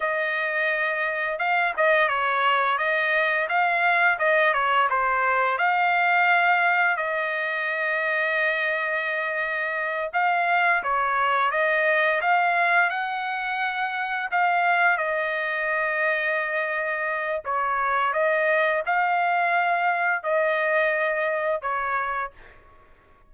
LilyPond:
\new Staff \with { instrumentName = "trumpet" } { \time 4/4 \tempo 4 = 86 dis''2 f''8 dis''8 cis''4 | dis''4 f''4 dis''8 cis''8 c''4 | f''2 dis''2~ | dis''2~ dis''8 f''4 cis''8~ |
cis''8 dis''4 f''4 fis''4.~ | fis''8 f''4 dis''2~ dis''8~ | dis''4 cis''4 dis''4 f''4~ | f''4 dis''2 cis''4 | }